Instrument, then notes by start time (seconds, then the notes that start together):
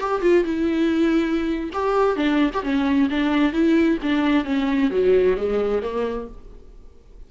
viola
0.00 G4
0.22 F4
0.44 E4
1.73 G4
2.16 D4
2.54 G4
2.63 C#4
3.10 D4
3.53 E4
4.03 D4
4.45 C#4
4.91 F#3
5.37 G#3
5.82 A#3